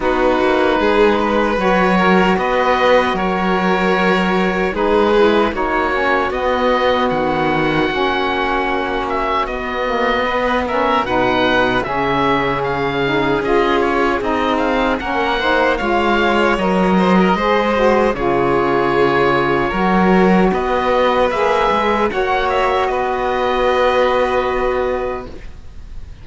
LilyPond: <<
  \new Staff \with { instrumentName = "oboe" } { \time 4/4 \tempo 4 = 76 b'2 cis''4 dis''4 | cis''2 b'4 cis''4 | dis''4 fis''2~ fis''8 e''8 | dis''4. e''8 fis''4 e''4 |
f''4 dis''8 cis''8 dis''8 f''8 fis''4 | f''4 dis''2 cis''4~ | cis''2 dis''4 e''4 | fis''8 e''8 dis''2. | }
  \new Staff \with { instrumentName = "violin" } { \time 4/4 fis'4 gis'8 b'4 ais'8 b'4 | ais'2 gis'4 fis'4~ | fis'1~ | fis'4 b'8 ais'8 b'4 gis'4~ |
gis'2. ais'8 c''8 | cis''4. c''16 ais'16 c''4 gis'4~ | gis'4 ais'4 b'2 | cis''4 b'2. | }
  \new Staff \with { instrumentName = "saxophone" } { \time 4/4 dis'2 fis'2~ | fis'2 dis'8 e'8 dis'8 cis'8 | b2 cis'2 | b8 ais8 b8 cis'8 dis'4 cis'4~ |
cis'8 dis'8 f'4 dis'4 cis'8 dis'8 | f'4 ais'4 gis'8 fis'8 f'4~ | f'4 fis'2 gis'4 | fis'1 | }
  \new Staff \with { instrumentName = "cello" } { \time 4/4 b8 ais8 gis4 fis4 b4 | fis2 gis4 ais4 | b4 dis4 ais2 | b2 b,4 cis4~ |
cis4 cis'4 c'4 ais4 | gis4 fis4 gis4 cis4~ | cis4 fis4 b4 ais8 gis8 | ais4 b2. | }
>>